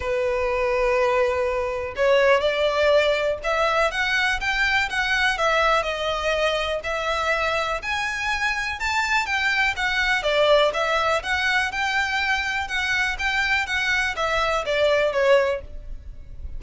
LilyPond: \new Staff \with { instrumentName = "violin" } { \time 4/4 \tempo 4 = 123 b'1 | cis''4 d''2 e''4 | fis''4 g''4 fis''4 e''4 | dis''2 e''2 |
gis''2 a''4 g''4 | fis''4 d''4 e''4 fis''4 | g''2 fis''4 g''4 | fis''4 e''4 d''4 cis''4 | }